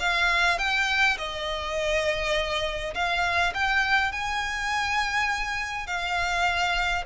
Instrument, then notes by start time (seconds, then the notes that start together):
violin
0.00 F5
0.59 G5
1.18 D#5
2.95 F5
3.55 G5
4.12 G#5
5.87 F5